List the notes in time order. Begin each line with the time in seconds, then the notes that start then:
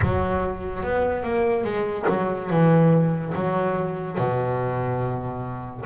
0.01 F#3
0.83 B3
1.23 A#3
1.64 G#3
2.08 F#3
2.50 E3
3.34 F#3
4.18 B2